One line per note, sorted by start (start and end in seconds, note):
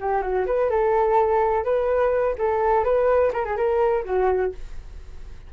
0.00 0.22 G4
0.22 0.45 F#4
0.46 0.69 B4
0.69 1.64 A4
1.64 2.35 B4
2.38 2.84 A4
2.84 3.31 B4
3.33 3.45 A#4
3.45 3.56 G#4
3.56 4.04 A#4
4.04 4.52 F#4